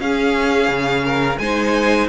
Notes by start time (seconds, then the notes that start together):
0.00 C#4 G#4 F5
0.69 C#3
1.05 A#4
1.39 G#3 D#4 C5 G#5